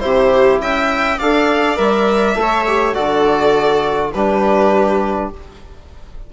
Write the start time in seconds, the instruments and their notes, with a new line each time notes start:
0.00 bassoon C3, trombone E4, viola G4, violin C5
0.61 bassoon C#4, viola E5, violin G5
1.19 bassoon D4, trombone A4, viola D5, violin F5
1.77 bassoon G3, trombone A#4, violin E5
2.36 bassoon A3, trombone A4
2.42 viola C#5
2.68 trombone G4
2.95 bassoon D3, trombone F#4, viola A4, violin D5
4.13 bassoon G3, trombone D4, viola G4, violin B4